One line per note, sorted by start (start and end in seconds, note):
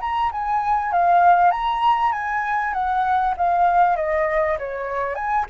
0.00 0.31 A#5
0.32 0.92 G#5
0.92 1.51 F5
1.51 2.12 A#5
2.12 2.73 G#5
2.73 3.34 F#5
3.37 3.96 F5
3.96 4.57 D#5
4.58 5.15 C#5
5.15 5.45 G#5